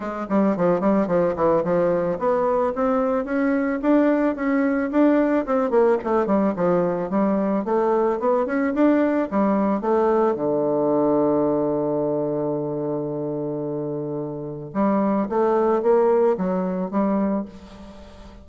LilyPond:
\new Staff \with { instrumentName = "bassoon" } { \time 4/4 \tempo 4 = 110 gis8 g8 f8 g8 f8 e8 f4 | b4 c'4 cis'4 d'4 | cis'4 d'4 c'8 ais8 a8 g8 | f4 g4 a4 b8 cis'8 |
d'4 g4 a4 d4~ | d1~ | d2. g4 | a4 ais4 fis4 g4 | }